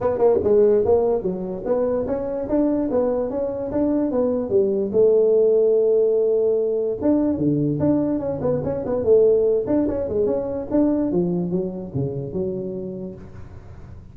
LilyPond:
\new Staff \with { instrumentName = "tuba" } { \time 4/4 \tempo 4 = 146 b8 ais8 gis4 ais4 fis4 | b4 cis'4 d'4 b4 | cis'4 d'4 b4 g4 | a1~ |
a4 d'4 d4 d'4 | cis'8 b8 cis'8 b8 a4. d'8 | cis'8 gis8 cis'4 d'4 f4 | fis4 cis4 fis2 | }